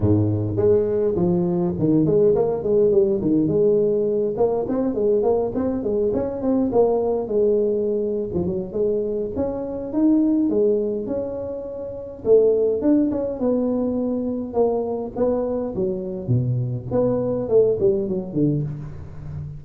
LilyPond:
\new Staff \with { instrumentName = "tuba" } { \time 4/4 \tempo 4 = 103 gis,4 gis4 f4 dis8 gis8 | ais8 gis8 g8 dis8 gis4. ais8 | c'8 gis8 ais8 c'8 gis8 cis'8 c'8 ais8~ | ais8 gis4.~ gis16 f16 fis8 gis4 |
cis'4 dis'4 gis4 cis'4~ | cis'4 a4 d'8 cis'8 b4~ | b4 ais4 b4 fis4 | b,4 b4 a8 g8 fis8 d8 | }